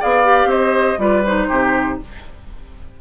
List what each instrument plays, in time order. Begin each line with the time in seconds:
0.00 bassoon B3, clarinet G#4, oboe D5, flute F5
0.24 clarinet G4
0.46 bassoon C4, oboe C5, flute D#5
0.98 bassoon G3, clarinet F4, oboe B4, flute D5
1.25 clarinet D#4, flute C5
1.48 bassoon C3, oboe G4